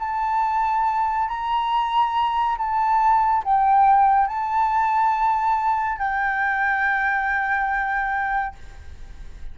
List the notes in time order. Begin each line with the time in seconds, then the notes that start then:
0.00 A5
1.29 A#5
2.58 A5
3.45 G5
4.28 A5
5.98 G5